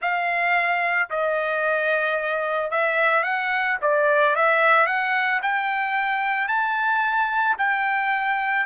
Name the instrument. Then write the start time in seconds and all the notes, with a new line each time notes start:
trumpet
0.01 F5
1.10 D#5
2.71 E5
3.23 F#5
3.81 D5
4.35 E5
4.86 F#5
5.42 G5
6.48 A5
7.58 G5